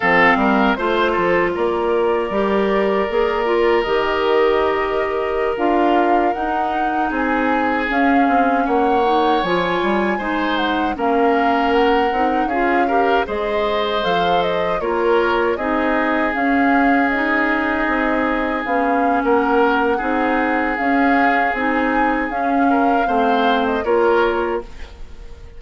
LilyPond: <<
  \new Staff \with { instrumentName = "flute" } { \time 4/4 \tempo 4 = 78 f''4 c''4 d''2~ | d''4 dis''2~ dis''16 f''8.~ | f''16 fis''4 gis''4 f''4 fis''8.~ | fis''16 gis''4. fis''8 f''4 fis''8.~ |
fis''16 f''4 dis''4 f''8 dis''8 cis''8.~ | cis''16 dis''4 f''4 dis''4.~ dis''16~ | dis''16 f''8. fis''2 f''4 | gis''4 f''4.~ f''16 dis''16 cis''4 | }
  \new Staff \with { instrumentName = "oboe" } { \time 4/4 a'8 ais'8 c''8 a'8 ais'2~ | ais'1~ | ais'4~ ais'16 gis'2 cis''8.~ | cis''4~ cis''16 c''4 ais'4.~ ais'16~ |
ais'16 gis'8 ais'8 c''2 ais'8.~ | ais'16 gis'2.~ gis'8.~ | gis'4 ais'4 gis'2~ | gis'4. ais'8 c''4 ais'4 | }
  \new Staff \with { instrumentName = "clarinet" } { \time 4/4 c'4 f'2 g'4 | gis'8 f'8 g'2~ g'16 f'8.~ | f'16 dis'2 cis'4. dis'16~ | dis'16 f'4 dis'4 cis'4. dis'16~ |
dis'16 f'8 g'8 gis'4 a'4 f'8.~ | f'16 dis'4 cis'4 dis'4.~ dis'16~ | dis'16 cis'4.~ cis'16 dis'4 cis'4 | dis'4 cis'4 c'4 f'4 | }
  \new Staff \with { instrumentName = "bassoon" } { \time 4/4 f8 g8 a8 f8 ais4 g4 | ais4 dis2~ dis16 d'8.~ | d'16 dis'4 c'4 cis'8 c'8 ais8.~ | ais16 f8 g8 gis4 ais4. c'16~ |
c'16 cis'4 gis4 f4 ais8.~ | ais16 c'4 cis'2 c'8.~ | c'16 b8. ais4 c'4 cis'4 | c'4 cis'4 a4 ais4 | }
>>